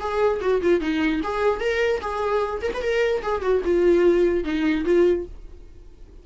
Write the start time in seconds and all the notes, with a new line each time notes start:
0.00 G#4
0.41 F#4
0.62 F4
0.81 D#4
1.24 G#4
1.60 A#4
2.01 G#4
2.62 A#4
2.74 B4
2.82 A#4
3.23 G#4
3.42 F#4
3.65 F4
4.44 D#4
4.85 F4